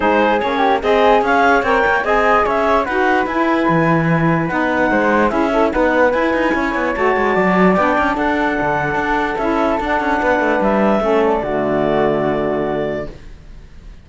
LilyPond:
<<
  \new Staff \with { instrumentName = "clarinet" } { \time 4/4 \tempo 4 = 147 c''4 cis''4 dis''4 f''4 | g''4 gis''4 e''4 fis''4 | gis''2. fis''4~ | fis''4 e''4 fis''4 gis''4~ |
gis''4 a''2 g''4 | fis''2. e''4 | fis''2 e''4. d''8~ | d''1 | }
  \new Staff \with { instrumentName = "flute" } { \time 4/4 gis'4. g'8 gis'4 cis''4~ | cis''4 dis''4 cis''4 b'4~ | b'1 | c''4 gis'8 e'8 b'2 |
cis''2 d''2 | a'1~ | a'4 b'2 a'4 | fis'1 | }
  \new Staff \with { instrumentName = "saxophone" } { \time 4/4 dis'4 cis'4 gis'2 | ais'4 gis'2 fis'4 | e'2. dis'4~ | dis'4 e'8 a'8 dis'4 e'4~ |
e'4 fis'2 d'4~ | d'2. e'4 | d'2. cis'4 | a1 | }
  \new Staff \with { instrumentName = "cello" } { \time 4/4 gis4 ais4 c'4 cis'4 | c'8 ais8 c'4 cis'4 dis'4 | e'4 e2 b4 | gis4 cis'4 b4 e'8 dis'8 |
cis'8 b8 a8 gis8 fis4 b8 cis'8 | d'4 d4 d'4 cis'4 | d'8 cis'8 b8 a8 g4 a4 | d1 | }
>>